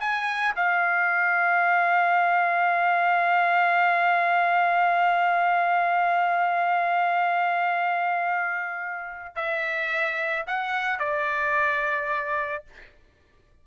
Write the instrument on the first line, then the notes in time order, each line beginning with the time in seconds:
trumpet
0.00 G#5
0.56 F5
9.36 E5
10.47 F#5
10.99 D5